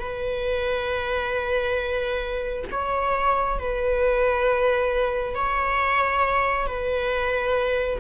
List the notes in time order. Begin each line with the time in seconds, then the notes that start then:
0.00 B4
2.72 C#5
3.59 B4
5.35 C#5
6.67 B4